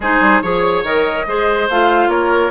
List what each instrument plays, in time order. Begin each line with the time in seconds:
0.00 bassoon G#3, clarinet D#4, oboe G#4, flute C5
0.19 bassoon G3
0.41 bassoon F3, clarinet G#4, flute C#5, oboe C#5
0.83 bassoon D#3, clarinet A#4, flute D#5
1.26 bassoon G#3, clarinet G#4, oboe C5
1.69 bassoon A3, clarinet F4, flute F5
2.07 bassoon A#3, oboe A#4, flute C#5